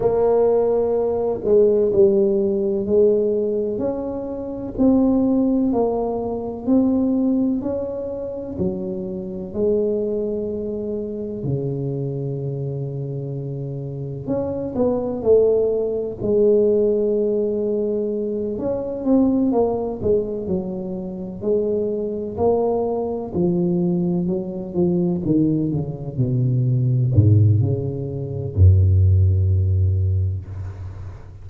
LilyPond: \new Staff \with { instrumentName = "tuba" } { \time 4/4 \tempo 4 = 63 ais4. gis8 g4 gis4 | cis'4 c'4 ais4 c'4 | cis'4 fis4 gis2 | cis2. cis'8 b8 |
a4 gis2~ gis8 cis'8 | c'8 ais8 gis8 fis4 gis4 ais8~ | ais8 f4 fis8 f8 dis8 cis8 b,8~ | b,8 gis,8 cis4 fis,2 | }